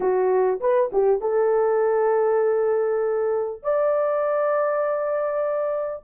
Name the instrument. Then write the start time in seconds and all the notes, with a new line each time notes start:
horn
0.00 F#4
0.60 B4
0.92 G4
1.21 A4
3.62 D5